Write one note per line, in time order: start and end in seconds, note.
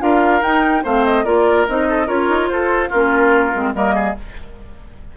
0.00 0.42 D4
0.00 0.42 F4
0.00 0.84 A#4
0.00 0.43 F5
0.42 0.84 D#4
0.42 0.85 D#4
0.42 0.84 G5
0.84 1.26 A3
0.84 1.25 C4
0.84 1.25 C5
0.84 1.06 F5
1.06 1.26 D#5
1.25 1.68 A#3
1.25 1.67 F4
1.25 1.88 A#4
1.25 1.67 D5
1.69 2.09 C4
1.69 2.07 D#4
1.69 2.09 D#5
1.89 2.07 A4
2.07 2.29 C#4
2.07 2.90 F4
2.07 2.49 A#4
2.07 2.48 C#5
2.29 2.50 D#4
2.48 2.92 F4
2.48 2.90 A4
2.48 2.90 C5
2.90 3.55 A#3
2.90 3.54 C#4
2.90 3.73 F4
2.90 3.75 A#4
3.54 3.75 G#3
3.54 3.74 C4
3.74 4.16 G3
3.74 4.16 A#3
3.74 3.95 A#4
3.74 4.17 D#5
3.95 4.16 G#4